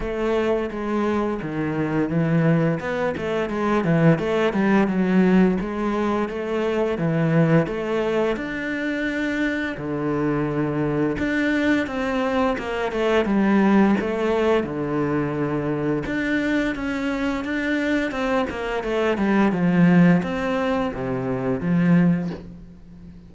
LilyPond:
\new Staff \with { instrumentName = "cello" } { \time 4/4 \tempo 4 = 86 a4 gis4 dis4 e4 | b8 a8 gis8 e8 a8 g8 fis4 | gis4 a4 e4 a4 | d'2 d2 |
d'4 c'4 ais8 a8 g4 | a4 d2 d'4 | cis'4 d'4 c'8 ais8 a8 g8 | f4 c'4 c4 f4 | }